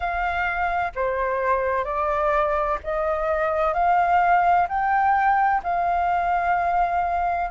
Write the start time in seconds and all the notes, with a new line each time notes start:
0.00 F5
0.95 C5
1.84 D5
2.83 D#5
3.73 F5
4.68 G5
5.62 F5